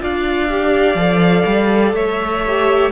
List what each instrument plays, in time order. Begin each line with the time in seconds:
0.00 cello D4, viola F4, violin D5 F5
0.50 viola G4
0.95 cello F3, viola A4
1.46 cello G3
1.93 cello A3, violin C#5 E5
2.47 viola G4